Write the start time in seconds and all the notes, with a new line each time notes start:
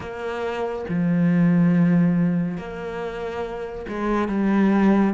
0.00 A#3
0.88 F3
2.57 A#3
3.88 G#3
4.28 G3